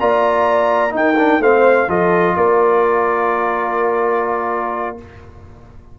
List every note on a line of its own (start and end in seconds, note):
0.00 0.95 A#3
0.00 0.91 F4
0.00 0.96 D5
0.00 0.95 A#5
0.91 1.14 D#4
0.91 1.40 D#4
0.91 1.41 A#4
0.91 1.43 G5
1.18 1.42 D4
1.40 1.88 A3
1.40 1.89 C4
1.40 1.89 C5
1.40 1.90 F5
1.89 2.36 F3
1.89 4.98 F4
1.89 2.36 A4
1.89 2.36 D#5
2.36 4.99 A#3
2.36 4.99 A#4
2.36 4.98 D5